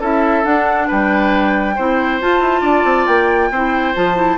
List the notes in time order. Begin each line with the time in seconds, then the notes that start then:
0.00 C#4 E4 A4 E5
0.44 D4 F#5
0.87 G3 B4 G5
1.75 C4 E4 C5
2.21 F4 A5
2.40 E4
2.61 D4 D5
2.84 C4
3.07 A#3 G5
3.50 C4 E4 C5
3.94 F3 F4 A5
4.15 E4